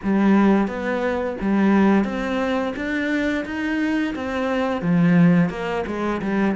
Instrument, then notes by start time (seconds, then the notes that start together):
cello
0.03 G3
0.67 B3
1.41 G3
2.04 C4
2.76 D4
3.45 D#4
4.15 C4
4.81 F3
5.49 A#3
5.86 G#3
6.21 G3